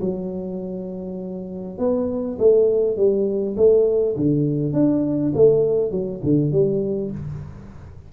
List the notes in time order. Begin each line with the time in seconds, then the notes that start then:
0.00 F#3
1.78 B3
2.38 A3
2.96 G3
3.56 A3
4.16 D3
4.73 D4
5.35 A3
5.91 F#3
6.23 D3
6.51 G3